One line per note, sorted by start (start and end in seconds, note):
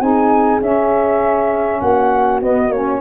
0.00 0.60 C4
0.00 0.60 D#4
0.00 1.81 G#4
0.00 0.61 G#5
0.60 2.40 C#4
0.60 1.81 C#4
0.60 1.80 E5
1.80 2.41 A#3
1.80 3.00 F#4
1.80 2.40 F#5
2.41 2.69 B3
2.41 2.72 B3
2.41 2.72 D#5
2.69 2.99 A#3
2.69 3.00 C#4
2.69 3.00 C#5